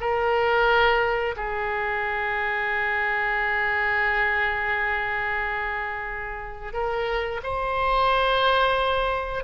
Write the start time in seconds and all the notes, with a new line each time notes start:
0.00 A#4
1.36 G#4
6.73 A#4
7.43 C5